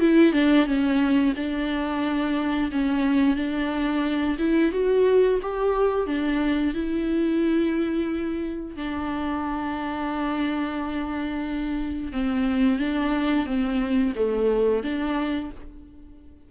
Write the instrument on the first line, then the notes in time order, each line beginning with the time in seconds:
viola
0.00 E4
0.32 D4
0.66 C#4
1.36 D4
2.72 C#4
3.36 D4
4.39 E4
4.72 F#4
5.42 G4
6.06 D4
6.74 E4
8.76 D4
12.12 C4
12.78 D4
13.46 C4
14.16 A3
14.83 D4